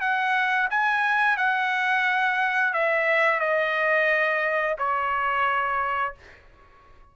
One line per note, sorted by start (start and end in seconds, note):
0.00 0.68 F#5
0.70 1.37 G#5
1.37 2.73 F#5
2.73 3.39 E5
3.39 4.76 D#5
4.78 6.14 C#5